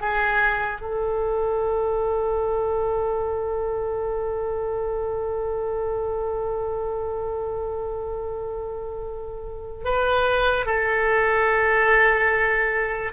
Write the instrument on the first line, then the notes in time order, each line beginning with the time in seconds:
oboe
0.00 G#4
0.81 A4
9.84 B4
10.66 A4